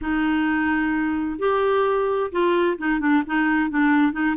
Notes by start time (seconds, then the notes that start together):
0.01 D#4
1.38 G4
2.31 F4
2.78 D#4
3.00 D4
3.26 D#4
3.70 D4
4.12 D#4